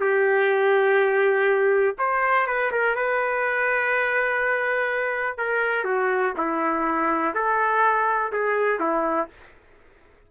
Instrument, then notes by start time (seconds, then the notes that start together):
trumpet
0.00 G4
1.98 C5
2.47 B4
2.72 A#4
2.96 B4
5.38 A#4
5.84 F#4
6.37 E4
7.34 A4
8.32 G#4
8.80 E4